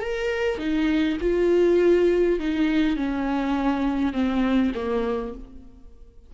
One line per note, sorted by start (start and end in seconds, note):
0.00 0.58 A#4
0.58 1.17 D#4
1.20 2.39 F4
2.39 2.96 D#4
2.96 4.13 C#4
4.13 4.72 C4
4.74 5.34 A#3